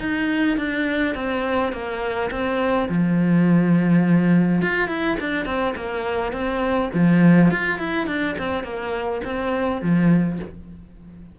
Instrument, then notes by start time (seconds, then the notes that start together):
cello
0.00 D#4
0.58 D4
1.15 C4
1.73 A#3
2.31 C4
2.89 F3
4.62 F4
4.89 E4
5.20 D4
5.46 C4
5.76 A#3
6.33 C4
6.94 F3
7.51 F4
7.79 E4
8.07 D4
8.39 C4
8.64 A#3
9.25 C4
9.82 F3